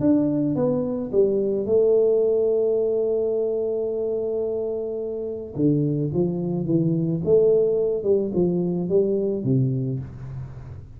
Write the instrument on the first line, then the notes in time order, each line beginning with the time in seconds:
tuba
0.00 D4
0.55 B3
1.12 G3
1.65 A3
5.55 D3
6.13 F3
6.65 E3
7.24 A3
8.03 G3
8.34 F3
8.89 G3
9.44 C3